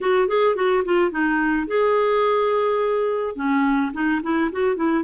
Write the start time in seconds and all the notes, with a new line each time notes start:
0.01 F#4
0.28 G#4
0.55 F#4
0.85 F4
1.11 D#4
1.67 G#4
3.35 C#4
3.93 D#4
4.23 E4
4.52 F#4
4.76 E4